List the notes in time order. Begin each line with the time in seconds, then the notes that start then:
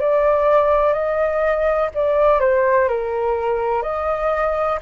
0.00 D5
0.93 D#5
1.94 D5
2.40 C5
2.88 A#4
3.82 D#5